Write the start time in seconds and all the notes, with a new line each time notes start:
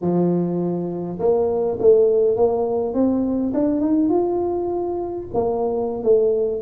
0.01 F3
1.19 A#3
1.79 A3
2.36 A#3
2.94 C4
3.54 D4
3.80 D#4
4.09 F4
5.33 A#3
6.03 A3